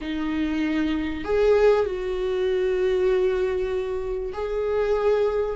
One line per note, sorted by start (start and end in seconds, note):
0.01 1.24 D#4
1.24 1.85 G#4
1.85 4.32 F#4
4.33 5.56 G#4